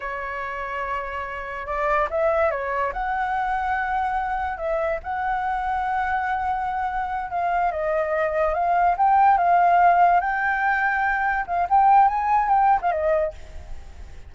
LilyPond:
\new Staff \with { instrumentName = "flute" } { \time 4/4 \tempo 4 = 144 cis''1 | d''4 e''4 cis''4 fis''4~ | fis''2. e''4 | fis''1~ |
fis''4. f''4 dis''4.~ | dis''8 f''4 g''4 f''4.~ | f''8 g''2. f''8 | g''4 gis''4 g''8. f''16 dis''4 | }